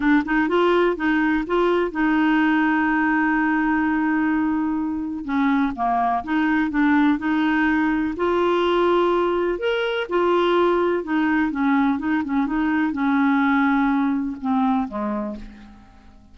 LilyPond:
\new Staff \with { instrumentName = "clarinet" } { \time 4/4 \tempo 4 = 125 d'8 dis'8 f'4 dis'4 f'4 | dis'1~ | dis'2. cis'4 | ais4 dis'4 d'4 dis'4~ |
dis'4 f'2. | ais'4 f'2 dis'4 | cis'4 dis'8 cis'8 dis'4 cis'4~ | cis'2 c'4 gis4 | }